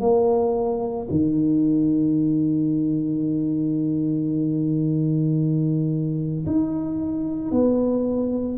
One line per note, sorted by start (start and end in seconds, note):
0.00 1.07 A#3
1.10 6.46 D#3
6.46 7.51 D#4
7.51 8.58 B3